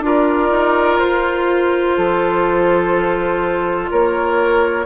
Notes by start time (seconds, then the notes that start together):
0.00 D4 F4 A#4 D5
0.50 D#4
0.98 F4 C5
1.97 F3 A4
3.90 A#3 A#4 C#5